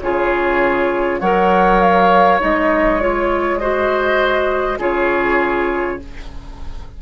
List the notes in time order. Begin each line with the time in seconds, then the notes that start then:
0.00 C#3 F4 G#4 C#5
1.20 F#3 A#4 C#5 F#5
1.80 F5
2.40 G#3 D#4 D#5
3.00 F4 C#5
3.59 F#4 C5 D#5
4.79 C#3 F4 G#4 C#5